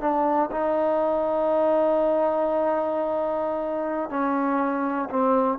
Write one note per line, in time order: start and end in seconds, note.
0.00 0.50 D4
0.51 4.10 D#4
4.10 5.09 C#4
5.10 5.58 C4